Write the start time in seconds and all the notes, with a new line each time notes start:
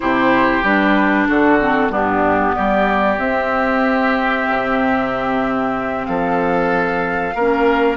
0.00 C3 E4 G4 C5
0.63 G3 D4 B4
1.28 D3 F#4 A4
1.60 C4
1.88 G2 B3 D4 G4
2.55 G3 G4 D5
3.18 C4 E5
4.48 C3
6.05 F3 A4 F5
7.34 A#3 C#4 A#4